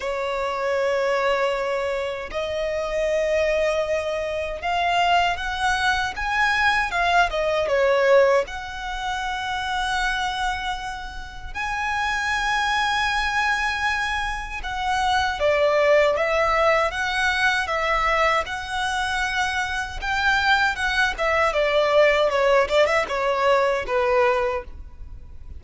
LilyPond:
\new Staff \with { instrumentName = "violin" } { \time 4/4 \tempo 4 = 78 cis''2. dis''4~ | dis''2 f''4 fis''4 | gis''4 f''8 dis''8 cis''4 fis''4~ | fis''2. gis''4~ |
gis''2. fis''4 | d''4 e''4 fis''4 e''4 | fis''2 g''4 fis''8 e''8 | d''4 cis''8 d''16 e''16 cis''4 b'4 | }